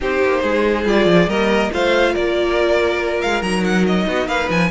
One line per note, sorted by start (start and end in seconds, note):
0.00 0.22 C4
0.00 0.85 D#4
0.00 0.43 G4
0.00 0.87 C5
0.23 0.43 A#3
0.43 0.85 G#3
0.43 1.28 G#4
0.85 1.05 G3
0.85 1.28 F4
0.85 1.29 D5
1.05 1.26 F3
1.27 1.70 G3
1.27 1.72 A#3
1.27 1.71 A#4
1.27 1.72 D#5
1.72 2.15 A3
1.72 3.42 F4
1.72 2.12 C5
1.72 2.14 F5
2.12 3.23 A#3
2.12 4.05 A#4
2.12 3.21 D5
3.21 3.42 G#3
3.21 3.42 F5
3.42 4.06 F#3
3.42 4.70 D#4
3.42 3.63 A#5
3.64 3.86 F#5
3.86 4.27 D#5
4.07 4.26 B3
4.07 4.27 F#4
4.26 4.48 A#3
4.26 4.70 B4
4.26 4.49 F5
4.49 4.71 F3
4.49 4.71 G#5